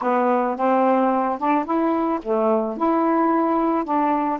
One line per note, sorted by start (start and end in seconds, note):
0.01 0.56 B3
0.56 1.38 C4
1.38 1.64 D4
1.64 2.19 E4
2.22 2.77 A3
2.77 3.84 E4
3.84 4.39 D4